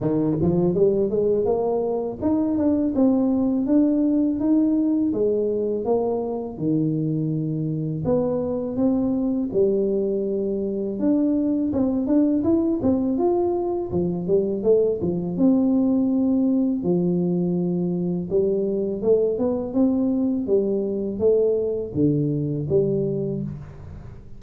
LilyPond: \new Staff \with { instrumentName = "tuba" } { \time 4/4 \tempo 4 = 82 dis8 f8 g8 gis8 ais4 dis'8 d'8 | c'4 d'4 dis'4 gis4 | ais4 dis2 b4 | c'4 g2 d'4 |
c'8 d'8 e'8 c'8 f'4 f8 g8 | a8 f8 c'2 f4~ | f4 g4 a8 b8 c'4 | g4 a4 d4 g4 | }